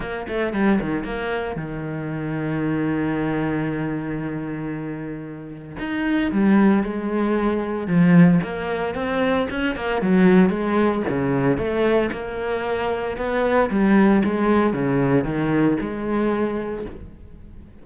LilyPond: \new Staff \with { instrumentName = "cello" } { \time 4/4 \tempo 4 = 114 ais8 a8 g8 dis8 ais4 dis4~ | dis1~ | dis2. dis'4 | g4 gis2 f4 |
ais4 c'4 cis'8 ais8 fis4 | gis4 cis4 a4 ais4~ | ais4 b4 g4 gis4 | cis4 dis4 gis2 | }